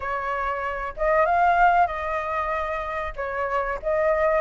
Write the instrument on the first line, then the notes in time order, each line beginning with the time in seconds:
flute
0.00 C#5
0.96 D#5
1.25 F5
1.87 D#5
3.16 C#5
3.82 D#5